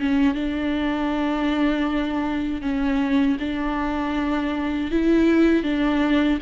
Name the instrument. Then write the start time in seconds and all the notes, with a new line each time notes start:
viola
0.00 C#4
0.35 D4
2.62 C#4
3.40 D4
4.92 E4
5.63 D4